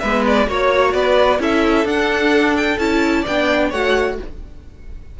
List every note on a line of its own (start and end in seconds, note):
0.00 0.48 G#3
0.00 0.46 B3
0.00 0.48 B4
0.00 0.23 E5
0.27 0.50 D5
0.46 0.94 A#3
0.46 1.39 F#4
0.46 0.94 C#5
0.46 0.93 C#5
0.93 1.40 B3
0.93 1.40 B4
0.93 1.40 D5
1.40 1.85 C#4
1.40 1.86 E4
1.40 3.21 A4
1.40 1.88 E5
1.85 2.77 D4
1.85 2.79 D4
1.85 2.57 F#5
2.57 2.79 G5
2.78 3.25 C#4
2.78 3.26 E4
2.78 3.25 A5
3.21 3.72 B3
3.21 3.68 D5
3.21 3.72 G5
3.29 3.74 D4
3.70 4.18 A3
3.70 4.20 F#4
3.70 4.16 C#5
3.70 4.18 F#5